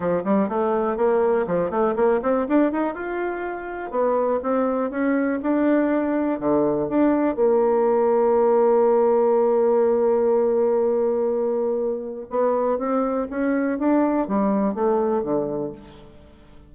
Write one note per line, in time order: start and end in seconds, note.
0.00 0.22 F3
0.24 0.48 G3
0.48 0.96 A3
0.96 1.46 A#3
1.46 1.70 F3
1.70 1.94 A3
1.95 2.20 A#3
2.22 2.46 C4
2.48 2.71 D4
2.71 2.94 D#4
2.94 3.90 F4
3.90 4.39 B3
4.42 4.90 C4
4.90 5.39 C#4
5.42 6.39 D4
6.39 6.88 D3
6.88 7.35 D4
7.35 12.27 A#3
12.30 12.78 B3
12.78 13.27 C4
13.30 13.78 C#4
13.78 14.27 D4
14.27 14.74 G3
14.74 15.22 A3
15.22 15.71 D3